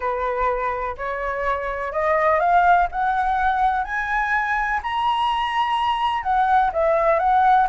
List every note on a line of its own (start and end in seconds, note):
0.00 0.96 B4
0.97 1.92 C#5
1.92 2.39 D#5
2.39 2.87 F5
2.91 3.84 F#5
3.84 4.80 G#5
4.82 6.22 A#5
6.22 6.70 F#5
6.72 7.19 E5
7.19 7.67 F#5